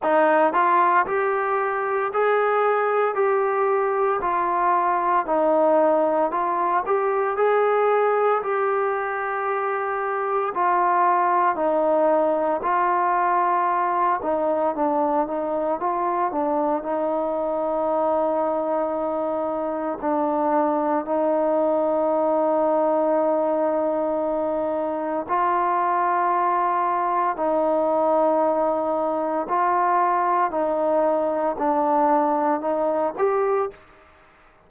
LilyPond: \new Staff \with { instrumentName = "trombone" } { \time 4/4 \tempo 4 = 57 dis'8 f'8 g'4 gis'4 g'4 | f'4 dis'4 f'8 g'8 gis'4 | g'2 f'4 dis'4 | f'4. dis'8 d'8 dis'8 f'8 d'8 |
dis'2. d'4 | dis'1 | f'2 dis'2 | f'4 dis'4 d'4 dis'8 g'8 | }